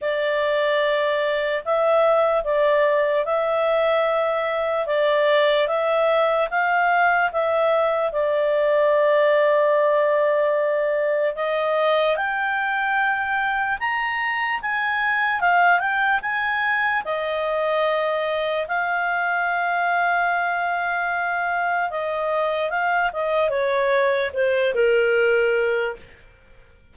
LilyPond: \new Staff \with { instrumentName = "clarinet" } { \time 4/4 \tempo 4 = 74 d''2 e''4 d''4 | e''2 d''4 e''4 | f''4 e''4 d''2~ | d''2 dis''4 g''4~ |
g''4 ais''4 gis''4 f''8 g''8 | gis''4 dis''2 f''4~ | f''2. dis''4 | f''8 dis''8 cis''4 c''8 ais'4. | }